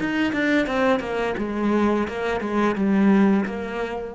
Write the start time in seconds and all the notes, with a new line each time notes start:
0.00 D#4
0.33 D4
0.67 C4
1.00 A#3
1.38 G#3
2.08 A#3
2.41 G#3
2.76 G3
3.46 A#3